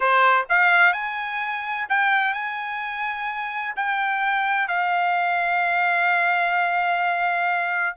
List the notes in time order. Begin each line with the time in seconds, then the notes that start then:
0.00 C5
0.49 F5
0.93 G#5
1.89 G5
2.33 G#5
3.75 G5
4.67 F5